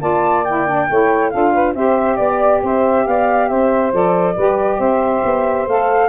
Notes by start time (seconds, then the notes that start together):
0.00 A#3 F4 D5 A5
0.44 E4 G5
0.67 D4
0.88 A3 E4 C#5
1.30 D4 F4 A4 F5
1.53 B4
1.74 C4 G4 C5 E5
2.16 B3 D5
2.62 C4 C5 E5
3.07 B3 D5 F5
3.48 C4 C5 E5
3.92 F3 A4 D5
4.34 G3 G4 B4
4.78 C4 C5 E5
5.24 B3
5.67 A3 A4 F5